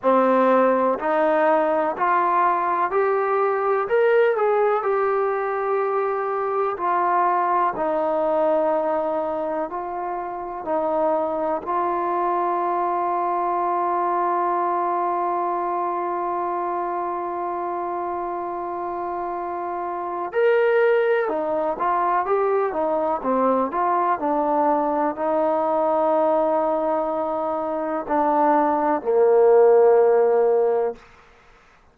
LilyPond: \new Staff \with { instrumentName = "trombone" } { \time 4/4 \tempo 4 = 62 c'4 dis'4 f'4 g'4 | ais'8 gis'8 g'2 f'4 | dis'2 f'4 dis'4 | f'1~ |
f'1~ | f'4 ais'4 dis'8 f'8 g'8 dis'8 | c'8 f'8 d'4 dis'2~ | dis'4 d'4 ais2 | }